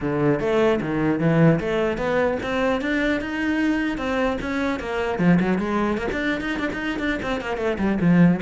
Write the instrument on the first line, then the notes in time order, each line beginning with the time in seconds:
cello
0.00 D3
0.39 A3
0.80 D#3
1.19 E3
1.59 A3
1.97 B3
2.42 C4
2.81 D4
3.20 D#4
3.97 C4
4.41 C#4
4.79 A#3
5.18 F3
5.39 F#3
5.58 G#3
5.97 A#3
6.12 D4
6.40 D#4
6.59 D4
6.73 D#4
6.99 D4
7.22 C4
7.40 A#3
7.57 A3
7.78 G3
8.00 F3